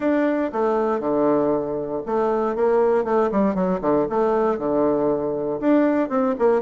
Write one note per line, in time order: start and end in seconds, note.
0.00 0.51 D4
0.52 1.00 A3
1.00 2.01 D3
2.06 2.55 A3
2.55 3.04 A#3
3.04 3.30 A3
3.31 3.54 G3
3.54 3.80 F#3
3.81 4.06 D3
4.09 4.58 A3
4.58 5.60 D3
5.60 6.09 D4
6.09 6.34 C4
6.38 6.61 A#3